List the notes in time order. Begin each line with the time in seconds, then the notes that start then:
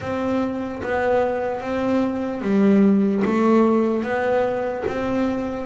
0.00 C4
0.83 B3
1.60 C4
2.41 G3
3.24 A3
4.03 B3
4.87 C4